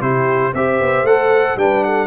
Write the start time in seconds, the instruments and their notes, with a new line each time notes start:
0.00 tuba C3, trombone E4, horn G4, trumpet C5
0.53 tuba C4, trombone G4, horn C5, trumpet E5
0.80 tuba B3
1.02 tuba A3, trombone A4, trumpet F#5
1.55 tuba G3, trombone D4, horn B4, trumpet G5
1.84 horn A4, trumpet F#5